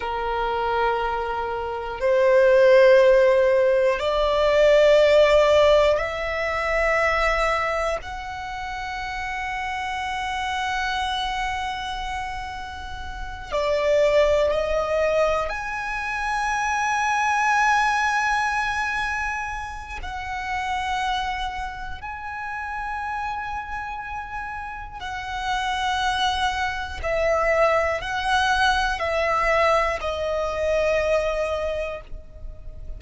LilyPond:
\new Staff \with { instrumentName = "violin" } { \time 4/4 \tempo 4 = 60 ais'2 c''2 | d''2 e''2 | fis''1~ | fis''4. d''4 dis''4 gis''8~ |
gis''1 | fis''2 gis''2~ | gis''4 fis''2 e''4 | fis''4 e''4 dis''2 | }